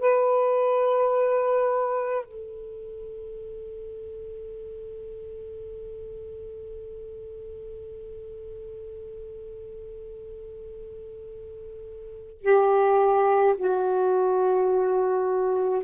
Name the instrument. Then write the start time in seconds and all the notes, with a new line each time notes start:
saxophone
0.00 B4
2.25 A4
12.41 G4
13.57 F#4